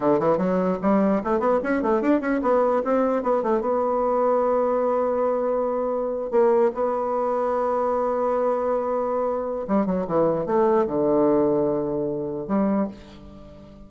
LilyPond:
\new Staff \with { instrumentName = "bassoon" } { \time 4/4 \tempo 4 = 149 d8 e8 fis4 g4 a8 b8 | cis'8 a8 d'8 cis'8 b4 c'4 | b8 a8 b2.~ | b2.~ b8. ais16~ |
ais8. b2.~ b16~ | b1 | g8 fis8 e4 a4 d4~ | d2. g4 | }